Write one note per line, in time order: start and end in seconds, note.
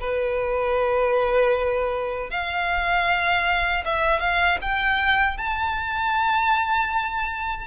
0.00 2.30 B4
2.30 3.84 F5
3.85 4.20 E5
4.20 4.58 F5
4.61 5.37 G5
5.37 7.67 A5